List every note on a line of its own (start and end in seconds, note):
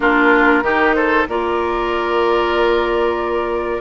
0.00 0.62 A#3
0.00 0.62 D4
0.00 0.63 F4
0.00 0.94 A#4
0.62 1.25 D#3
0.62 1.26 D#4
0.62 0.95 G4
0.94 1.27 A4
0.94 1.26 C5
1.28 3.80 A#3
1.28 3.80 F4
1.28 3.80 A#4
1.28 3.80 D5